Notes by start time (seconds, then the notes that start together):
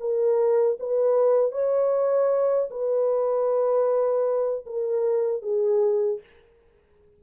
0.00 A#4
0.80 B4
1.52 C#5
2.70 B4
4.66 A#4
5.42 G#4